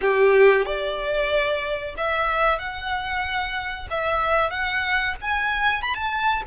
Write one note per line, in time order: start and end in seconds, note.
0.01 0.65 G4
0.65 1.94 D5
1.97 2.58 E5
2.58 3.87 F#5
3.90 4.50 E5
4.50 5.14 F#5
5.21 5.82 G#5
5.82 5.94 B5
5.94 6.43 A5